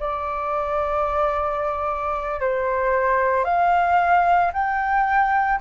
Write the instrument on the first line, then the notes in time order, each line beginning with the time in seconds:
flute
0.00 D5
2.41 C5
3.45 F5
4.53 G5